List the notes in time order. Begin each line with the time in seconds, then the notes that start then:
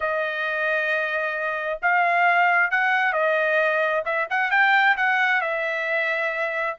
0.00 D#5
1.81 F5
2.70 F#5
3.13 D#5
4.05 E5
4.30 F#5
4.51 G5
4.96 F#5
5.41 E5